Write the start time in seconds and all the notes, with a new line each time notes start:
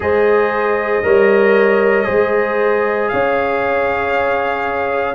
0.00 G#3 G#4 C5 D#5
1.03 G3 A#4 C#5
2.04 G#3 G#4 C5
3.08 C#4 C#5 F5